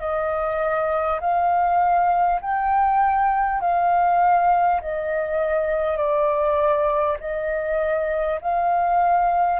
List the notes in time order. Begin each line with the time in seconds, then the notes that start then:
0.00 D#5
1.21 F5
2.41 G5
3.61 F5
4.81 D#5
5.97 D5
7.20 D#5
8.42 F5